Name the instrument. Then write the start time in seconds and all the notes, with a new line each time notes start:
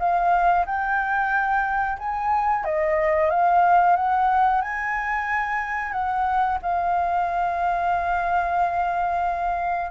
flute
0.00 F5
0.67 G5
1.99 G#5
2.65 D#5
3.31 F5
3.97 F#5
4.62 G#5
5.93 F#5
6.62 F5